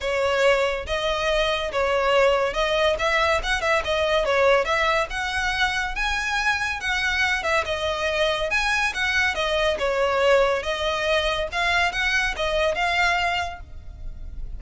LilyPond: \new Staff \with { instrumentName = "violin" } { \time 4/4 \tempo 4 = 141 cis''2 dis''2 | cis''2 dis''4 e''4 | fis''8 e''8 dis''4 cis''4 e''4 | fis''2 gis''2 |
fis''4. e''8 dis''2 | gis''4 fis''4 dis''4 cis''4~ | cis''4 dis''2 f''4 | fis''4 dis''4 f''2 | }